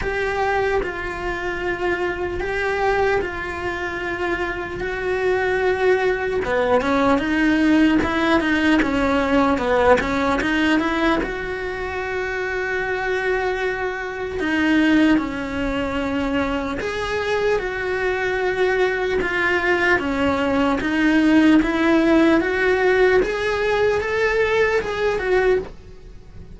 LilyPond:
\new Staff \with { instrumentName = "cello" } { \time 4/4 \tempo 4 = 75 g'4 f'2 g'4 | f'2 fis'2 | b8 cis'8 dis'4 e'8 dis'8 cis'4 | b8 cis'8 dis'8 e'8 fis'2~ |
fis'2 dis'4 cis'4~ | cis'4 gis'4 fis'2 | f'4 cis'4 dis'4 e'4 | fis'4 gis'4 a'4 gis'8 fis'8 | }